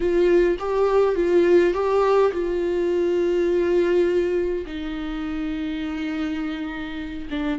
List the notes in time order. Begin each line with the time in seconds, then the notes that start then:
0.00 F4
0.59 G4
1.15 F4
1.73 G4
2.32 F4
4.65 D#4
7.30 D4